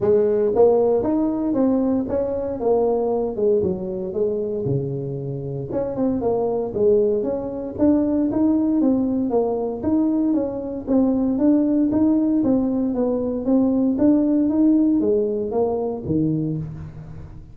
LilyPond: \new Staff \with { instrumentName = "tuba" } { \time 4/4 \tempo 4 = 116 gis4 ais4 dis'4 c'4 | cis'4 ais4. gis8 fis4 | gis4 cis2 cis'8 c'8 | ais4 gis4 cis'4 d'4 |
dis'4 c'4 ais4 dis'4 | cis'4 c'4 d'4 dis'4 | c'4 b4 c'4 d'4 | dis'4 gis4 ais4 dis4 | }